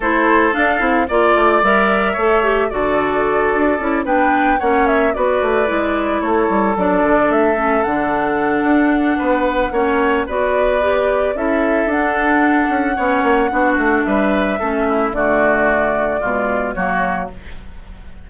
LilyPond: <<
  \new Staff \with { instrumentName = "flute" } { \time 4/4 \tempo 4 = 111 c''4 f''4 d''4 e''4~ | e''4 d''2~ d''8 g''8~ | g''8 fis''8 e''8 d''2 cis''8~ | cis''8 d''4 e''4 fis''4.~ |
fis''2. d''4~ | d''4 e''4 fis''2~ | fis''2 e''2 | d''2. cis''4 | }
  \new Staff \with { instrumentName = "oboe" } { \time 4/4 a'2 d''2 | cis''4 a'2~ a'8 b'8~ | b'8 cis''4 b'2 a'8~ | a'1~ |
a'4 b'4 cis''4 b'4~ | b'4 a'2. | cis''4 fis'4 b'4 a'8 e'8 | fis'2 f'4 fis'4 | }
  \new Staff \with { instrumentName = "clarinet" } { \time 4/4 e'4 d'8 e'8 f'4 ais'4 | a'8 g'8 fis'2 e'8 d'8~ | d'8 cis'4 fis'4 e'4.~ | e'8 d'4. cis'8 d'4.~ |
d'2 cis'4 fis'4 | g'4 e'4 d'2 | cis'4 d'2 cis'4 | a2 gis4 ais4 | }
  \new Staff \with { instrumentName = "bassoon" } { \time 4/4 a4 d'8 c'8 ais8 a8 g4 | a4 d4. d'8 cis'8 b8~ | b8 ais4 b8 a8 gis4 a8 | g8 fis8 d8 a4 d4. |
d'4 b4 ais4 b4~ | b4 cis'4 d'4. cis'8 | b8 ais8 b8 a8 g4 a4 | d2 b,4 fis4 | }
>>